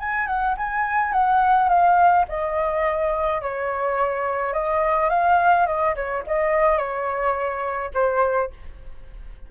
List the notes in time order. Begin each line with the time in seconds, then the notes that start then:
0.00 G#5
0.27 F#5
0.58 G#5
1.13 F#5
1.69 F5
2.29 D#5
3.42 C#5
4.53 D#5
5.10 F5
5.67 D#5
5.95 C#5
6.27 D#5
6.78 C#5
7.94 C5